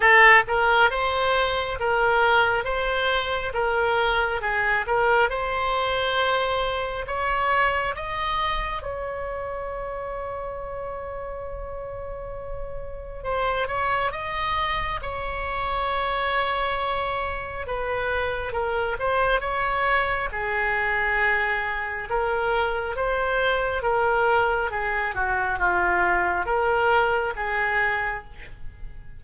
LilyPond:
\new Staff \with { instrumentName = "oboe" } { \time 4/4 \tempo 4 = 68 a'8 ais'8 c''4 ais'4 c''4 | ais'4 gis'8 ais'8 c''2 | cis''4 dis''4 cis''2~ | cis''2. c''8 cis''8 |
dis''4 cis''2. | b'4 ais'8 c''8 cis''4 gis'4~ | gis'4 ais'4 c''4 ais'4 | gis'8 fis'8 f'4 ais'4 gis'4 | }